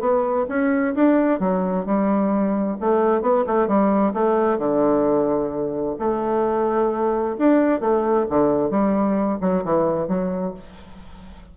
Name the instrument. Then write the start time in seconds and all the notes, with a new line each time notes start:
bassoon
0.00 B3
0.49 C#4
0.95 D4
1.40 F#3
1.85 G3
2.80 A3
3.21 B3
3.47 A3
3.67 G3
4.14 A3
4.58 D3
5.99 A3
7.38 D4
7.80 A3
8.29 D3
8.70 G3
9.41 F#3
9.64 E3
10.08 F#3